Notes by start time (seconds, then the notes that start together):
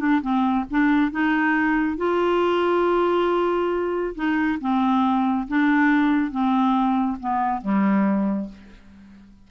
0.00 D4
0.22 C4
0.71 D4
1.12 D#4
1.98 F4
4.16 D#4
4.61 C4
5.49 D4
6.32 C4
7.21 B3
7.62 G3